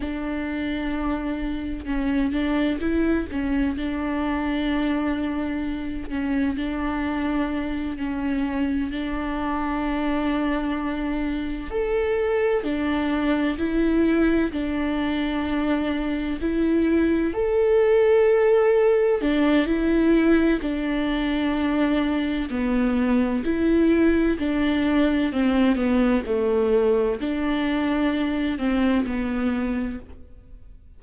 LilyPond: \new Staff \with { instrumentName = "viola" } { \time 4/4 \tempo 4 = 64 d'2 cis'8 d'8 e'8 cis'8 | d'2~ d'8 cis'8 d'4~ | d'8 cis'4 d'2~ d'8~ | d'8 a'4 d'4 e'4 d'8~ |
d'4. e'4 a'4.~ | a'8 d'8 e'4 d'2 | b4 e'4 d'4 c'8 b8 | a4 d'4. c'8 b4 | }